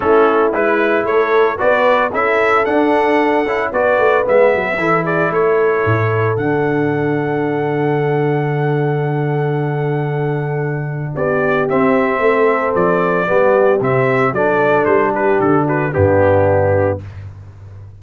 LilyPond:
<<
  \new Staff \with { instrumentName = "trumpet" } { \time 4/4 \tempo 4 = 113 a'4 b'4 cis''4 d''4 | e''4 fis''2 d''4 | e''4. d''8 cis''2 | fis''1~ |
fis''1~ | fis''4 d''4 e''2 | d''2 e''4 d''4 | c''8 b'8 a'8 b'8 g'2 | }
  \new Staff \with { instrumentName = "horn" } { \time 4/4 e'2 a'4 b'4 | a'2. b'4~ | b'4 a'8 gis'8 a'2~ | a'1~ |
a'1~ | a'4 g'2 a'4~ | a'4 g'2 a'4~ | a'8 g'4 fis'8 d'2 | }
  \new Staff \with { instrumentName = "trombone" } { \time 4/4 cis'4 e'2 fis'4 | e'4 d'4. e'8 fis'4 | b4 e'2. | d'1~ |
d'1~ | d'2 c'2~ | c'4 b4 c'4 d'4~ | d'2 b2 | }
  \new Staff \with { instrumentName = "tuba" } { \time 4/4 a4 gis4 a4 b4 | cis'4 d'4. cis'8 b8 a8 | gis8 fis8 e4 a4 a,4 | d1~ |
d1~ | d4 b4 c'4 a4 | f4 g4 c4 fis4 | g4 d4 g,2 | }
>>